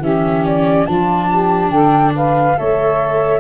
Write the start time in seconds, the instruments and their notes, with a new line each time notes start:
0.00 tuba E3, viola C#4, saxophone G4, flute E5
0.46 flute D5
0.86 tuba F3, viola D4, saxophone F4, flute A5
1.30 saxophone G4
1.70 tuba D3, saxophone A4, flute G5
2.15 saxophone B4, flute F5
2.57 tuba A3, viola A4, saxophone C#5, flute E5